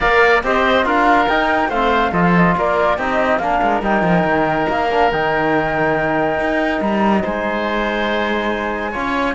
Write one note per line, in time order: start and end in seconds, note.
0.00 0.43 A#3
0.00 0.43 A#4
0.00 0.42 D5
0.00 0.42 F5
0.43 0.85 C4
0.43 0.83 G4
0.43 0.85 C5
0.43 0.86 D#5
0.83 1.28 D4
0.83 1.26 F4
0.83 1.69 A#4
0.83 1.28 F5
1.28 1.71 D#4
1.28 1.68 D#4
1.28 1.70 G5
1.68 2.11 A3
1.68 2.13 C4
1.68 2.11 C5
1.68 2.13 F5
2.11 2.54 F3
2.11 2.98 F4
2.11 2.54 A4
2.11 2.22 D#5
2.22 2.32 F5
2.34 2.56 D#5
2.57 2.98 A#3
2.57 2.97 A#4
2.57 3.00 D5
2.97 3.39 C4
2.97 3.41 D#4
2.97 3.39 G4
2.97 3.38 D#5
3.38 3.60 A#3
3.38 3.83 D4
3.38 7.22 A#4
3.38 3.80 F5
3.62 3.82 G#3
3.82 4.02 G3
3.82 4.89 D#4
3.82 4.69 G5
4.02 4.23 F3
4.23 4.66 D#3
4.69 5.11 A#3
4.69 5.11 F5
4.91 5.12 D4
5.11 6.39 D#3
5.11 8.93 D#4
5.11 6.81 G5
6.40 6.80 D#4
6.80 7.23 G3
6.80 7.23 A#5
7.22 8.95 G#3
7.22 8.91 C5
7.22 9.35 G#5
8.91 9.35 C#4
8.91 9.35 F4
8.91 9.34 C#5